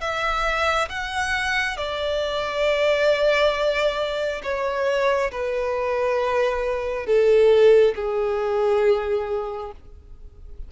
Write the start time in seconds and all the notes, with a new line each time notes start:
0.00 E5
0.89 F#5
1.77 D5
4.42 C#5
5.31 B4
7.06 A4
7.95 G#4